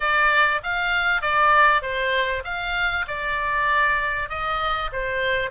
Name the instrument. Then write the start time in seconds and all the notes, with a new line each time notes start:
oboe
0.00 D5
0.63 F5
1.21 D5
1.82 C5
2.44 F5
3.07 D5
4.29 D#5
4.92 C5